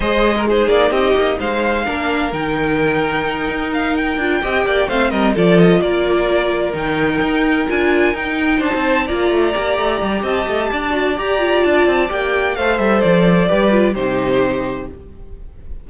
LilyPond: <<
  \new Staff \with { instrumentName = "violin" } { \time 4/4 \tempo 4 = 129 dis''4 c''8 d''8 dis''4 f''4~ | f''4 g''2. | f''8 g''2 f''8 dis''8 d''8 | dis''8 d''2 g''4.~ |
g''8 gis''4 g''4 a''4 ais''8~ | ais''2 a''2 | ais''4 a''4 g''4 f''8 e''8 | d''2 c''2 | }
  \new Staff \with { instrumentName = "violin" } { \time 4/4 c''8. ais'16 gis'4 g'4 c''4 | ais'1~ | ais'4. dis''8 d''8 c''8 ais'8 a'8~ | a'8 ais'2.~ ais'8~ |
ais'2~ ais'8 c''4 d''8~ | d''2 dis''4 d''4~ | d''2. c''4~ | c''4 b'4 g'2 | }
  \new Staff \with { instrumentName = "viola" } { \time 4/4 gis'4 dis'2. | d'4 dis'2.~ | dis'4 f'8 g'4 c'4 f'8~ | f'2~ f'8 dis'4.~ |
dis'8 f'4 dis'2 f'8~ | f'8 g'2. fis'8 | g'8 f'4. g'4 a'4~ | a'4 g'8 f'8 dis'2 | }
  \new Staff \with { instrumentName = "cello" } { \time 4/4 gis4. ais8 c'8 ais8 gis4 | ais4 dis2~ dis8 dis'8~ | dis'4 d'8 c'8 ais8 a8 g8 f8~ | f8 ais2 dis4 dis'8~ |
dis'8 d'4 dis'4 d'16 c'8. ais8 | a8 ais8 a8 g8 c'8 a8 d'4 | g'4 d'8 c'8 ais4 a8 g8 | f4 g4 c2 | }
>>